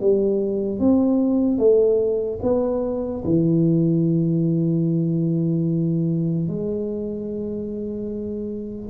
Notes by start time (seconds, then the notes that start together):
0.00 G3
0.79 C4
1.58 A3
2.42 B3
3.25 E3
6.48 G#3